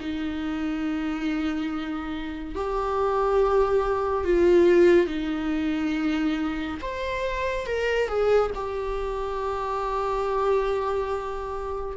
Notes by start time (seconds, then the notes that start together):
0.00 D#4
2.55 G4
4.25 F4
5.07 D#4
6.81 C5
7.66 A#4
8.08 G#4
8.55 G4